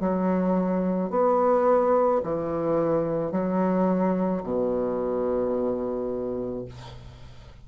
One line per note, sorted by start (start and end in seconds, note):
0.00 1.11 F#3
1.11 2.22 B3
2.24 3.32 E3
3.32 4.43 F#3
4.43 6.66 B2